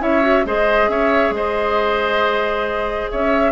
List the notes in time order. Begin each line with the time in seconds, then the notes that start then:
0.00 C#4 E4 C#5 E5
0.22 F#4
0.45 G#3 G#4 C5 D#5
0.89 C#4 C#5 E5
1.30 G#3 C5 D#5
3.11 C#4 C#5 E5